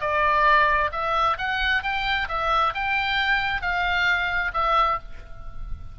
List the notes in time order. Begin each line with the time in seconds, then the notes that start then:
0.00 D5
0.92 E5
1.38 F#5
1.83 G5
2.28 E5
2.74 G5
3.61 F5
4.53 E5